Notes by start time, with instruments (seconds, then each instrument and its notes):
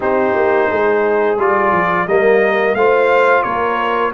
0.00 tuba C4, trombone D#4, horn G4, trumpet C5
0.35 tuba A#3
0.68 tuba G#3, horn G#4
1.37 tuba G3, trombone F4, trumpet D5
1.72 tuba F3
2.07 tuba G3, trombone A#3, horn A#4, trumpet D#5
2.74 tuba A3, trombone F4, horn C5, trumpet F5
3.42 tuba A#3, horn A#4, trumpet C#5